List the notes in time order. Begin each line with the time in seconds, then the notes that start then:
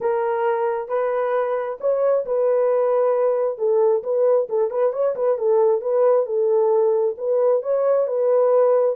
0.00 A#4
0.88 B4
1.80 C#5
2.25 B4
3.57 A4
4.03 B4
4.49 A4
4.70 B4
4.93 C#5
5.15 B4
5.38 A4
5.81 B4
6.26 A4
7.17 B4
7.62 C#5
8.07 B4